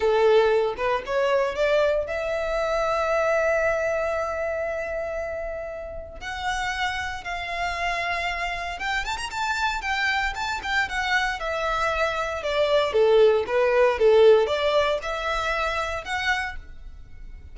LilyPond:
\new Staff \with { instrumentName = "violin" } { \time 4/4 \tempo 4 = 116 a'4. b'8 cis''4 d''4 | e''1~ | e''1 | fis''2 f''2~ |
f''4 g''8 a''16 ais''16 a''4 g''4 | a''8 g''8 fis''4 e''2 | d''4 a'4 b'4 a'4 | d''4 e''2 fis''4 | }